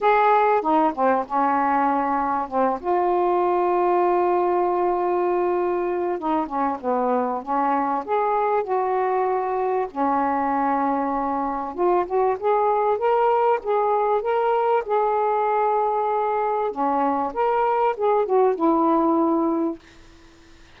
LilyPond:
\new Staff \with { instrumentName = "saxophone" } { \time 4/4 \tempo 4 = 97 gis'4 dis'8 c'8 cis'2 | c'8 f'2.~ f'8~ | f'2 dis'8 cis'8 b4 | cis'4 gis'4 fis'2 |
cis'2. f'8 fis'8 | gis'4 ais'4 gis'4 ais'4 | gis'2. cis'4 | ais'4 gis'8 fis'8 e'2 | }